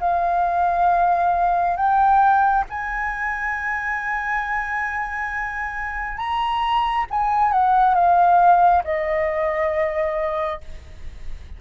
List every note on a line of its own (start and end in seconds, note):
0.00 1.76 F5
1.76 2.64 G5
2.69 6.17 G#5
6.17 7.05 A#5
7.10 7.52 G#5
7.52 7.94 F#5
7.94 8.82 F5
8.84 10.60 D#5